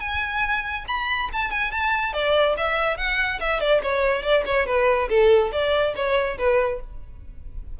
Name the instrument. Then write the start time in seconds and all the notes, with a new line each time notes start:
violin
0.00 G#5
0.87 B5
1.33 A5
1.51 G#5
1.71 A5
2.13 D5
2.57 E5
2.97 F#5
3.40 E5
3.60 D5
3.83 C#5
4.22 D5
4.46 C#5
4.66 B4
5.09 A4
5.52 D5
5.95 C#5
6.38 B4